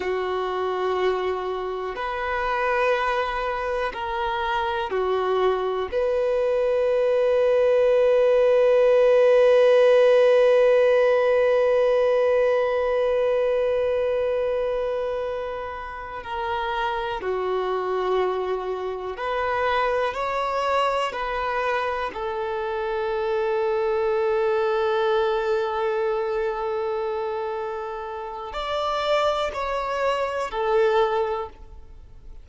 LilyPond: \new Staff \with { instrumentName = "violin" } { \time 4/4 \tempo 4 = 61 fis'2 b'2 | ais'4 fis'4 b'2~ | b'1~ | b'1~ |
b'8 ais'4 fis'2 b'8~ | b'8 cis''4 b'4 a'4.~ | a'1~ | a'4 d''4 cis''4 a'4 | }